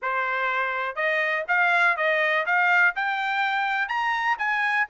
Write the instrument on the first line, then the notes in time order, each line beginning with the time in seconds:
trumpet
0.02 C5
0.95 D#5
1.48 F5
1.96 D#5
2.46 F5
2.95 G5
3.88 A#5
4.38 G#5